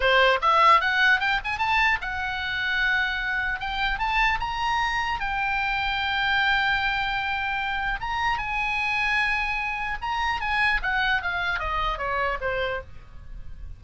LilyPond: \new Staff \with { instrumentName = "oboe" } { \time 4/4 \tempo 4 = 150 c''4 e''4 fis''4 g''8 gis''8 | a''4 fis''2.~ | fis''4 g''4 a''4 ais''4~ | ais''4 g''2.~ |
g''1 | ais''4 gis''2.~ | gis''4 ais''4 gis''4 fis''4 | f''4 dis''4 cis''4 c''4 | }